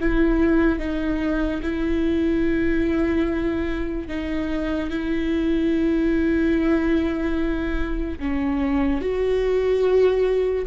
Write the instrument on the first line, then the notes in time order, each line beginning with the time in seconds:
viola
0.00 E4
0.79 D#4
1.63 E4
4.08 D#4
4.90 E4
8.19 C#4
9.01 F#4